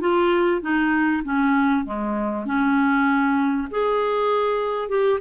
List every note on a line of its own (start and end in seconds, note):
0.00 0.61 F4
0.62 1.23 D#4
1.24 1.85 C#4
1.85 2.45 G#3
2.45 3.68 C#4
3.71 4.89 G#4
4.89 5.20 G4